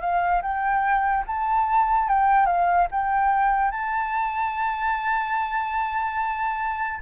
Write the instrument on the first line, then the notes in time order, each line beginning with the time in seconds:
flute
0.00 F5
0.41 G5
1.26 A5
2.08 G5
2.46 F5
2.91 G5
3.71 A5